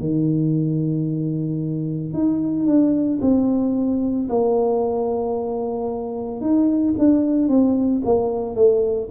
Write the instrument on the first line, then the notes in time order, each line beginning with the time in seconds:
tuba
0.00 D#3
2.14 D#4
2.66 D4
3.22 C4
4.30 A#3
6.41 D#4
6.99 D4
7.49 C4
8.05 A#3
8.56 A3